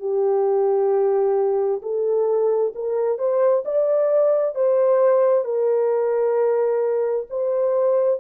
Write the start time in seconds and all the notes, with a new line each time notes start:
0.00 G4
1.82 A4
2.75 A#4
3.18 C5
3.65 D5
4.55 C5
5.45 A#4
7.30 C5